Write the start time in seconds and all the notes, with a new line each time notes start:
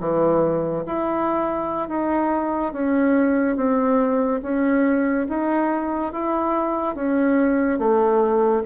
0.00 E3
0.86 E4
1.89 D#4
2.73 C#4
3.56 C4
4.43 C#4
5.29 D#4
6.13 E4
6.96 C#4
7.79 A3